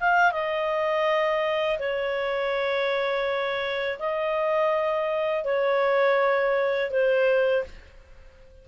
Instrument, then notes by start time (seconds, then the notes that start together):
clarinet
0.00 F5
0.32 D#5
1.79 C#5
3.99 D#5
5.44 C#5
6.90 C5